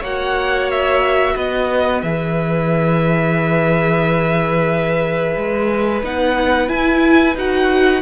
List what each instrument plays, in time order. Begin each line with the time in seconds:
0.00 cello A#3, viola F#4, violin C#5 F#5
0.71 violin E5
1.35 cello B3, violin B4 D#5
2.02 cello E3, viola G#4, violin E5
5.37 cello G#3
6.03 cello B3, viola D#4, violin F#5
6.68 viola E4, cello E4, violin G#5
7.35 cello D#4, viola F#4, violin F#5